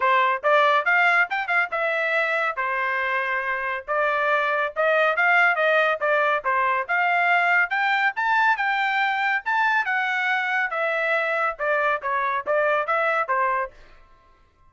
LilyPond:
\new Staff \with { instrumentName = "trumpet" } { \time 4/4 \tempo 4 = 140 c''4 d''4 f''4 g''8 f''8 | e''2 c''2~ | c''4 d''2 dis''4 | f''4 dis''4 d''4 c''4 |
f''2 g''4 a''4 | g''2 a''4 fis''4~ | fis''4 e''2 d''4 | cis''4 d''4 e''4 c''4 | }